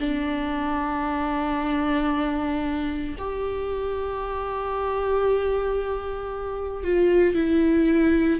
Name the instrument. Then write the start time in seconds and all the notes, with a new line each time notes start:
viola
0.00 D4
3.18 G4
6.84 F4
7.35 E4